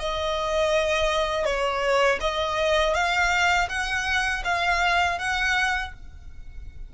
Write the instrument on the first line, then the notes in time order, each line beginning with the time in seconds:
violin
0.00 D#5
1.45 C#5
2.21 D#5
2.95 F5
3.70 F#5
4.45 F5
5.19 F#5